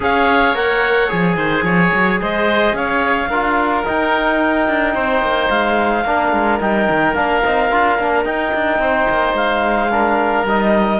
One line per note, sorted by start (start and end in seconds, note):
0.00 0.54 C#4
0.00 0.54 G#4
0.00 1.36 C#5
0.00 0.56 F5
0.54 1.09 A#3
0.54 1.08 A#4
0.54 1.10 F#5
1.08 1.36 F3
1.08 3.28 G#4
1.08 2.20 G#5
1.36 1.62 D#3
1.36 1.64 C5
1.62 1.90 F3
1.62 2.19 C#5
1.93 2.20 F#3
2.21 2.72 G#3
2.21 2.76 C5
2.21 2.75 D#5
2.72 3.28 C#4
2.72 3.29 C#5
2.72 3.85 F5
3.28 3.83 D4
3.28 3.84 F4
3.28 4.94 A#4
3.84 6.04 D#4
3.84 4.68 D#4
3.84 5.49 G5
4.68 4.94 D4
4.94 5.21 C4
4.94 6.04 C5
5.21 5.49 A#3
5.49 6.04 G#3
5.49 6.59 F5
6.04 6.32 A#3
6.04 6.61 D4
6.04 8.81 A#4
6.32 6.60 G#3
6.60 6.88 G3
6.60 7.15 D#4
6.60 7.14 G5
6.89 7.15 D#3
7.14 7.42 A#3
7.14 7.42 D4
7.14 8.24 F5
7.44 7.71 C4
7.44 7.71 D#4
7.71 7.98 D4
7.71 7.98 F4
7.98 8.25 A#3
7.98 8.25 D4
8.24 9.90 D#4
8.24 8.52 D#4
8.24 9.34 G5
8.54 8.78 D4
8.78 9.06 C4
8.78 9.91 C5
9.09 9.33 A#3
9.33 10.43 G#3
9.33 10.46 F5
9.91 10.46 D4
9.91 11.00 A#4
10.43 10.98 G3
10.43 11.00 D#4
10.43 11.00 D#5